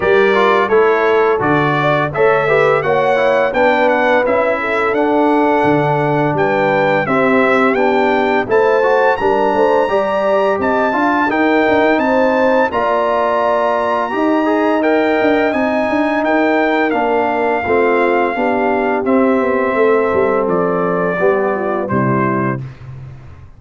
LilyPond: <<
  \new Staff \with { instrumentName = "trumpet" } { \time 4/4 \tempo 4 = 85 d''4 cis''4 d''4 e''4 | fis''4 g''8 fis''8 e''4 fis''4~ | fis''4 g''4 e''4 g''4 | a''4 ais''2 a''4 |
g''4 a''4 ais''2~ | ais''4 g''4 gis''4 g''4 | f''2. e''4~ | e''4 d''2 c''4 | }
  \new Staff \with { instrumentName = "horn" } { \time 4/4 ais'4 a'4. d''8 cis''8 b'8 | cis''4 b'4. a'4.~ | a'4 b'4 g'2 | c''4 ais'8 c''8 d''4 dis''8 f''8 |
ais'4 c''4 d''2 | dis''2. ais'4~ | ais'4 f'4 g'2 | a'2 g'8 f'8 e'4 | }
  \new Staff \with { instrumentName = "trombone" } { \time 4/4 g'8 f'8 e'4 fis'4 a'8 g'8 | fis'8 e'8 d'4 e'4 d'4~ | d'2 c'4 d'4 | e'8 fis'8 d'4 g'4. f'8 |
dis'2 f'2 | g'8 gis'8 ais'4 dis'2 | d'4 c'4 d'4 c'4~ | c'2 b4 g4 | }
  \new Staff \with { instrumentName = "tuba" } { \time 4/4 g4 a4 d4 a4 | ais4 b4 cis'4 d'4 | d4 g4 c'4 b4 | a4 g8 a8 g4 c'8 d'8 |
dis'8 d'16 dis'16 c'4 ais2 | dis'4. d'8 c'8 d'8 dis'4 | ais4 a4 b4 c'8 b8 | a8 g8 f4 g4 c4 | }
>>